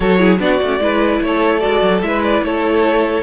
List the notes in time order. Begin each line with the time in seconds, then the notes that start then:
0.00 F#3 F#4 A4 C#5
0.18 E4 G#4
0.39 B3 D4 F#4 D5
0.62 A3 C#4
0.79 G#3 E4 B4
1.21 A3 A4 C#5
1.59 G#3 F#4 D5
1.81 F#3
2.01 G#3 E4 E5
2.07 B4
2.23 D5
2.43 A3 A4 C#5